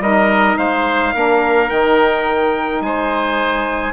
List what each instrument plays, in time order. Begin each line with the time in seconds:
0.00 bassoon G3, saxophone D#4, oboe A#4, trumpet D#5
0.58 bassoon G#3, oboe C5, trumpet F5
1.14 bassoon A#3, saxophone D4, oboe A#4
1.68 bassoon D#3, saxophone D#4, trumpet G5
2.81 bassoon G#3, oboe C5, trumpet G#5